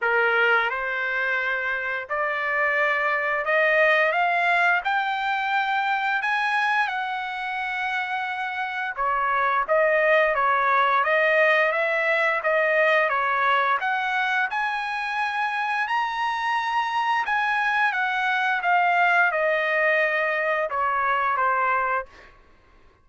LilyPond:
\new Staff \with { instrumentName = "trumpet" } { \time 4/4 \tempo 4 = 87 ais'4 c''2 d''4~ | d''4 dis''4 f''4 g''4~ | g''4 gis''4 fis''2~ | fis''4 cis''4 dis''4 cis''4 |
dis''4 e''4 dis''4 cis''4 | fis''4 gis''2 ais''4~ | ais''4 gis''4 fis''4 f''4 | dis''2 cis''4 c''4 | }